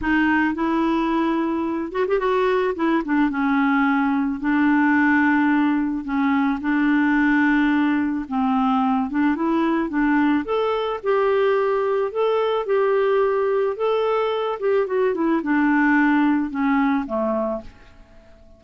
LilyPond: \new Staff \with { instrumentName = "clarinet" } { \time 4/4 \tempo 4 = 109 dis'4 e'2~ e'8 fis'16 g'16 | fis'4 e'8 d'8 cis'2 | d'2. cis'4 | d'2. c'4~ |
c'8 d'8 e'4 d'4 a'4 | g'2 a'4 g'4~ | g'4 a'4. g'8 fis'8 e'8 | d'2 cis'4 a4 | }